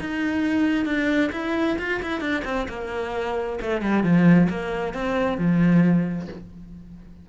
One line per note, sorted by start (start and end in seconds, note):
0.00 0.86 D#4
0.86 1.31 D4
1.32 1.77 E4
1.78 2.01 F4
2.02 2.21 E4
2.21 2.43 D4
2.45 2.67 C4
2.69 3.59 A#3
3.61 3.81 A3
3.81 4.03 G3
4.03 4.48 F3
4.49 4.94 A#3
4.94 5.38 C4
5.38 6.28 F3